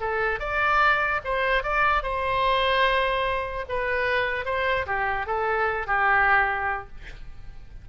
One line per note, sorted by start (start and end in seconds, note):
0.00 0.39 A4
0.39 1.20 D5
1.24 1.63 C5
1.63 2.03 D5
2.03 3.65 C5
3.68 4.45 B4
4.45 4.86 C5
4.86 5.26 G4
5.26 5.87 A4
5.87 6.88 G4